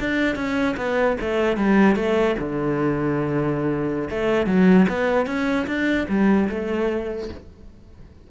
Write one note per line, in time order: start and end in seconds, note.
0.00 0.35 D4
0.35 0.75 C#4
0.77 1.17 B3
1.21 1.57 A3
1.57 1.95 G3
1.95 2.35 A3
2.39 4.09 D3
4.10 4.46 A3
4.46 4.86 F#3
4.89 5.26 B3
5.26 5.66 C#4
5.67 6.07 D4
6.09 6.49 G3
6.49 7.29 A3